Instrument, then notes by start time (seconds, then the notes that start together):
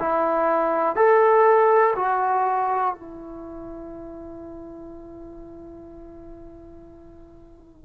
trombone
0.00 E4
0.96 A4
1.96 F#4
2.95 E4